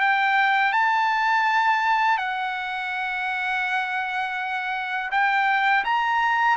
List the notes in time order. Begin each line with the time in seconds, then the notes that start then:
0.00 G5
0.73 A5
2.18 F#5
5.11 G5
5.85 A#5